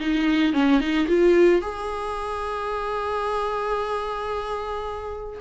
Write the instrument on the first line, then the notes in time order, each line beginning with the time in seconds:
viola
0.00 D#4
0.54 C#4
0.80 D#4
1.08 F4
1.61 G#4